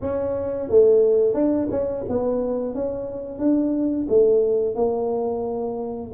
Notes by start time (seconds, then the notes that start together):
0.01 C#4
0.69 A3
1.34 D4
1.70 C#4
2.08 B3
2.74 C#4
3.38 D4
4.08 A3
4.75 A#3